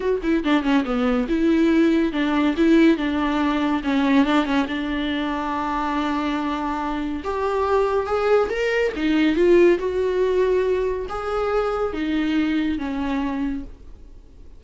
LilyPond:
\new Staff \with { instrumentName = "viola" } { \time 4/4 \tempo 4 = 141 fis'8 e'8 d'8 cis'8 b4 e'4~ | e'4 d'4 e'4 d'4~ | d'4 cis'4 d'8 cis'8 d'4~ | d'1~ |
d'4 g'2 gis'4 | ais'4 dis'4 f'4 fis'4~ | fis'2 gis'2 | dis'2 cis'2 | }